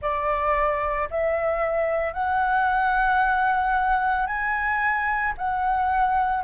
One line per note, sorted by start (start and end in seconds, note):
0.01 1.09 D5
1.10 2.13 E5
2.13 4.26 F#5
4.26 5.33 G#5
5.37 6.43 F#5